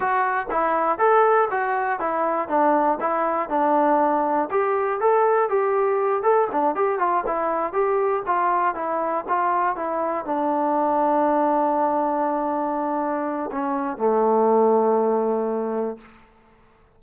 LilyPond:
\new Staff \with { instrumentName = "trombone" } { \time 4/4 \tempo 4 = 120 fis'4 e'4 a'4 fis'4 | e'4 d'4 e'4 d'4~ | d'4 g'4 a'4 g'4~ | g'8 a'8 d'8 g'8 f'8 e'4 g'8~ |
g'8 f'4 e'4 f'4 e'8~ | e'8 d'2.~ d'8~ | d'2. cis'4 | a1 | }